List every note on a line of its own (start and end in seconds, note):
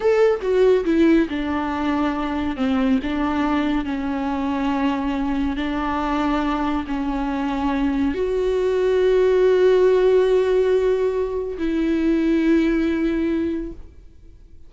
0.00 0.40 A4
0.41 0.84 F#4
0.85 1.27 E4
1.29 2.56 D4
2.56 2.99 C4
3.03 3.85 D4
3.85 5.56 C#4
5.56 6.85 D4
6.87 8.14 C#4
8.14 11.57 F#4
11.58 13.72 E4